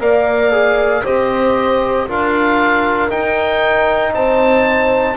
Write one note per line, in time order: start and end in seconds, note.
0.00 1.04 A#3
0.00 0.52 A#4
0.00 1.04 D5
0.00 1.05 F5
0.52 1.03 G#4
1.04 2.08 C4
1.04 2.07 G4
1.04 2.07 C5
1.04 2.09 D#5
2.08 3.12 D4
2.08 3.09 F4
2.08 4.15 A#4
2.08 3.10 F5
3.09 5.16 D#4
3.09 4.13 D#4
3.09 4.14 G5
4.13 5.17 C4
4.13 5.17 C5
4.13 5.17 A5